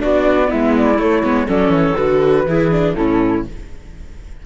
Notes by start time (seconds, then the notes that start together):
0.00 B3 D4 F#4 D5
0.48 G#3 B3 E4 E5
0.77 D5
0.99 A3 C#5
1.24 G#3 B3
1.47 F#3 C#4 A4 D5
1.69 E3 C#5
1.96 D3 F#4 B4
2.46 E3 E4 G#4
2.71 D4
2.95 A2 C#4 E4 A4